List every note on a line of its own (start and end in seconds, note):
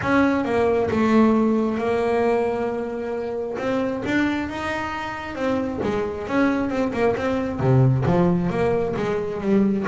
0.02 0.44 C#4
0.44 0.89 A#3
0.90 1.77 A3
1.77 3.57 A#3
3.58 4.02 C4
4.05 4.49 D4
4.49 5.35 D#4
5.35 5.80 C4
5.83 6.27 G#3
6.27 6.69 C#4
6.69 6.92 C4
6.93 7.15 A#3
7.16 7.59 C4
7.59 8.04 C3
8.06 8.50 F3
8.50 8.94 A#3
8.96 9.40 G#3
9.40 9.85 G3